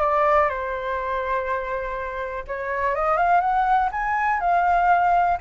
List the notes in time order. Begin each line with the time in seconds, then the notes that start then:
0.00 D5
0.49 C5
2.47 C#5
2.95 D#5
3.17 F5
3.41 F#5
3.92 G#5
4.40 F5